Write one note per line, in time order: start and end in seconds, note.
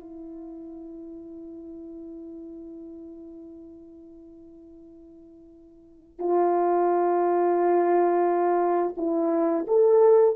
0.00 6.19 E4
6.19 8.95 F4
8.97 9.66 E4
9.68 10.36 A4